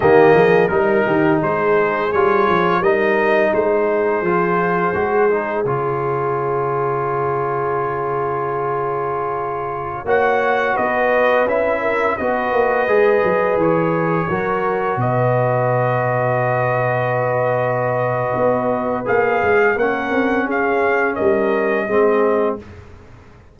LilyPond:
<<
  \new Staff \with { instrumentName = "trumpet" } { \time 4/4 \tempo 4 = 85 dis''4 ais'4 c''4 cis''4 | dis''4 c''2. | cis''1~ | cis''2~ cis''16 fis''4 dis''8.~ |
dis''16 e''4 dis''2 cis''8.~ | cis''4~ cis''16 dis''2~ dis''8.~ | dis''2. f''4 | fis''4 f''4 dis''2 | }
  \new Staff \with { instrumentName = "horn" } { \time 4/4 g'8 gis'8 ais'8 g'8 gis'2 | ais'4 gis'2.~ | gis'1~ | gis'2~ gis'16 cis''4 b'8.~ |
b'8. ais'8 b'2~ b'8.~ | b'16 ais'4 b'2~ b'8.~ | b'1 | ais'4 gis'4 ais'4 gis'4 | }
  \new Staff \with { instrumentName = "trombone" } { \time 4/4 ais4 dis'2 f'4 | dis'2 f'4 fis'8 dis'8 | f'1~ | f'2~ f'16 fis'4.~ fis'16~ |
fis'16 e'4 fis'4 gis'4.~ gis'16~ | gis'16 fis'2.~ fis'8.~ | fis'2. gis'4 | cis'2. c'4 | }
  \new Staff \with { instrumentName = "tuba" } { \time 4/4 dis8 f8 g8 dis8 gis4 g8 f8 | g4 gis4 f4 gis4 | cis1~ | cis2~ cis16 ais4 b8.~ |
b16 cis'4 b8 ais8 gis8 fis8 e8.~ | e16 fis4 b,2~ b,8.~ | b,2 b4 ais8 gis8 | ais8 c'8 cis'4 g4 gis4 | }
>>